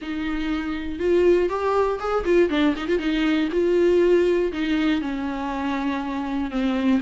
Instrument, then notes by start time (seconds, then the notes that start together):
viola
0.01 D#4
0.99 F4
1.49 G4
1.99 G#4
2.25 F4
2.49 D4
2.76 D#4
2.88 F4
2.98 D#4
3.52 F4
4.52 D#4
5.01 C#4
6.50 C4